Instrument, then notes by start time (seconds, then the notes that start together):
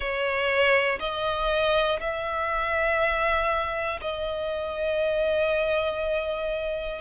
violin
0.00 C#5
0.99 D#5
2.00 E5
4.01 D#5